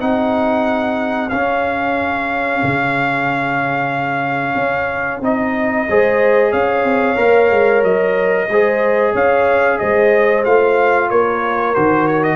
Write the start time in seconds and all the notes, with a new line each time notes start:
0.00 C4 D#4 G#4 F#5
1.29 C#4 F5
2.63 C#3
4.55 C#4
5.21 C4 D#4 D#5
5.89 G#3 G#4 C5
6.51 C#4 C#5 F5
6.84 C4
7.16 A#3 A#4
7.51 G#3
7.83 F#3 D#5
8.48 G#3 G#4 C5
9.13 C#4 C#5 F5
9.79 G#3 C5 D#5
10.45 A3 F4 F5
11.10 A#3 A#4 C#5
11.75 D#3 F#4 C5
12.07 C#5
12.24 D#5